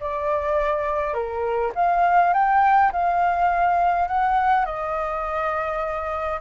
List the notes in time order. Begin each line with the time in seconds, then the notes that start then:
0.00 D5
1.14 A#4
1.75 F5
2.34 G5
2.92 F5
4.08 F#5
4.65 D#5